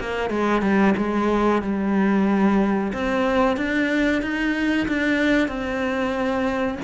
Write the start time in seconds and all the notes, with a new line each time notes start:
0.00 A#3
0.30 G#3
0.61 G3
0.97 G#3
1.62 G3
2.93 C4
3.57 D4
4.22 D#4
4.88 D4
5.48 C4